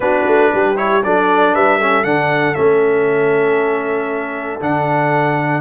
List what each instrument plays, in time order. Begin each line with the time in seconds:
0.00 tuba B3, trombone D4, horn F#4, trumpet B4
0.26 tuba A3
0.53 tuba G3, horn G4
0.75 trombone E4, trumpet C#5
1.03 tuba F#3, trombone D4, horn A4, trumpet D5
1.53 tuba G3, horn B4, trumpet E5
1.78 trombone C#4, horn A4
2.04 tuba D3, trombone D4, trumpet F#5
2.54 tuba A3, trombone C#4, trumpet E5
4.60 tuba D3, trombone D4, trumpet F#5